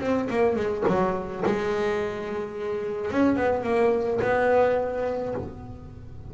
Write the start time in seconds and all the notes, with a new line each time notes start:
0.00 C4
0.30 A#3
0.56 G#3
0.87 F#3
1.46 G#3
3.11 C#4
3.36 B3
3.63 A#3
4.22 B3